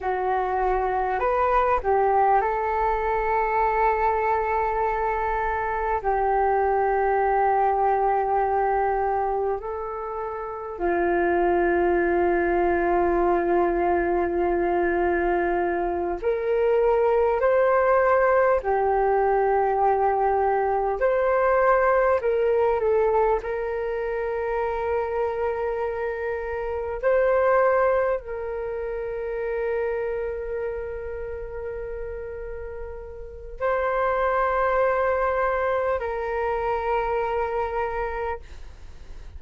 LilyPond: \new Staff \with { instrumentName = "flute" } { \time 4/4 \tempo 4 = 50 fis'4 b'8 g'8 a'2~ | a'4 g'2. | a'4 f'2.~ | f'4. ais'4 c''4 g'8~ |
g'4. c''4 ais'8 a'8 ais'8~ | ais'2~ ais'8 c''4 ais'8~ | ais'1 | c''2 ais'2 | }